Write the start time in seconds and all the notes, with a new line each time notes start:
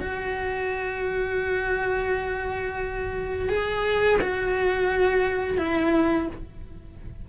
0.00 F#4
3.49 G#4
4.21 F#4
5.58 E4